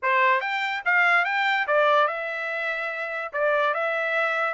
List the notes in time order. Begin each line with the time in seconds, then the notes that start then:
0.02 C5
0.40 G5
0.85 F5
1.25 G5
1.67 D5
2.07 E5
3.32 D5
3.74 E5